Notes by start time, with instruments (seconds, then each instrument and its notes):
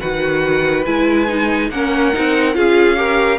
0.00 cello D#3, viola F#4, violin B4 F#5
0.86 cello G#3, viola E4, violin G#5
1.28 viola D#4
1.71 cello A#3, viola C#4, violin A#4 F#5
2.14 cello C4, viola D#4
2.54 cello C#4, viola F4, violin G#4 F5
2.96 viola G4, violin A#4